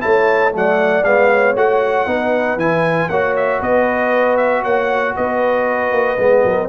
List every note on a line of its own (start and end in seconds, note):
0.00 0.55 A3
0.00 0.51 E4
0.00 0.54 C#5
0.00 0.52 A5
0.51 1.04 F#3
0.51 1.03 A3
0.51 1.31 D5
0.51 1.04 F#5
1.04 1.55 G#3
1.04 1.56 B3
1.04 1.55 F5
1.31 2.08 C#5
1.55 2.06 A3
1.55 2.07 F#4
1.55 2.59 F#5
2.06 2.56 B3
2.06 2.58 D#4
2.06 3.10 B4
2.56 3.07 E3
2.56 3.10 E4
2.56 3.09 G#5
3.09 3.60 A#3
3.09 6.18 F#4
3.09 3.60 C#5
3.09 3.35 F#5
3.36 3.62 E5
3.60 4.64 B3
3.60 4.63 B4
3.60 4.37 D#5
4.37 4.63 E5
4.63 5.15 A#3
4.63 5.14 C#5
4.63 5.15 F#5
5.16 5.91 B3
5.16 6.43 B4
5.16 6.69 D#5
5.91 6.17 A#3
6.18 6.44 G#3
6.18 6.69 B3
6.43 6.69 F#3
6.43 6.69 A#4